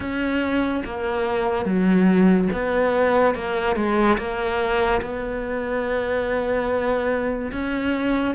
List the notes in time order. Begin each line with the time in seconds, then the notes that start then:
0.00 C#4
0.84 A#3
1.65 F#3
2.52 B3
3.34 A#3
3.75 G#3
4.17 A#3
5.01 B3
7.52 C#4